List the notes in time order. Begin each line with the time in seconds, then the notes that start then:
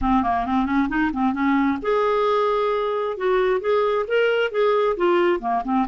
0.01 C4
0.23 A#3
0.45 C4
0.65 C#4
0.88 D#4
1.13 C4
1.33 C#4
1.82 G#4
3.17 F#4
3.60 G#4
4.07 A#4
4.51 G#4
4.96 F4
5.40 A#3
5.64 C4